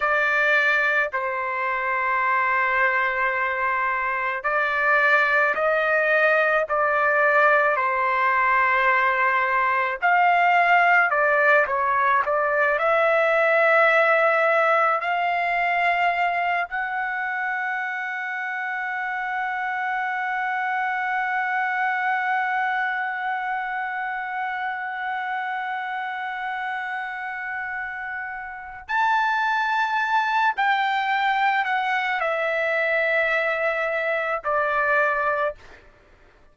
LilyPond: \new Staff \with { instrumentName = "trumpet" } { \time 4/4 \tempo 4 = 54 d''4 c''2. | d''4 dis''4 d''4 c''4~ | c''4 f''4 d''8 cis''8 d''8 e''8~ | e''4. f''4. fis''4~ |
fis''1~ | fis''1~ | fis''2 a''4. g''8~ | g''8 fis''8 e''2 d''4 | }